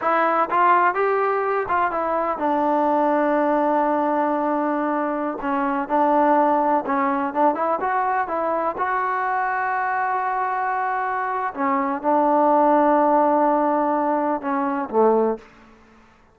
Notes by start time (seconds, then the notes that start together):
0.01 E4
0.50 F4
0.94 G4
1.68 F4
1.91 E4
2.38 D4
5.41 C#4
5.88 D4
6.86 C#4
7.33 D4
7.55 E4
7.80 F#4
8.27 E4
8.77 F#4
11.54 C#4
12.02 D4
14.41 C#4
14.90 A3